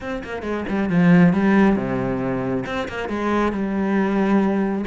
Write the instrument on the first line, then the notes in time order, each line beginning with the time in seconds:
cello
0.00 C4
0.23 A#3
0.42 G#3
0.68 G3
0.89 F3
1.33 G3
1.76 C3
2.66 C4
2.88 A#3
3.08 G#3
3.52 G3